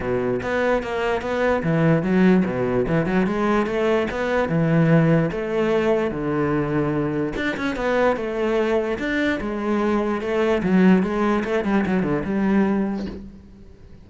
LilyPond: \new Staff \with { instrumentName = "cello" } { \time 4/4 \tempo 4 = 147 b,4 b4 ais4 b4 | e4 fis4 b,4 e8 fis8 | gis4 a4 b4 e4~ | e4 a2 d4~ |
d2 d'8 cis'8 b4 | a2 d'4 gis4~ | gis4 a4 fis4 gis4 | a8 g8 fis8 d8 g2 | }